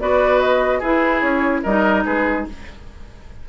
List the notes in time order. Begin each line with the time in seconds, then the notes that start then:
0.00 B3 F#4 B4 D5
0.40 D#5
0.79 E4 G#4 B4
1.21 C#4 C#5
1.63 G3 D#4 A#4 D#5
2.05 G#3 G#4 B4